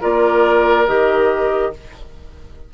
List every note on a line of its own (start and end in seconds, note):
0.00 0.88 A#3
0.00 0.87 F4
0.00 1.71 A#4
0.00 0.87 D5
0.87 1.74 D#3
0.87 1.73 G4
0.87 1.73 D#5